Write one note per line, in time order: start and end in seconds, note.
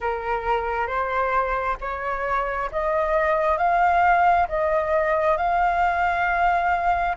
0.00 0.87 A#4
0.87 1.77 C5
1.80 2.70 C#5
2.71 3.57 D#5
3.57 4.47 F5
4.48 5.37 D#5
5.37 7.16 F5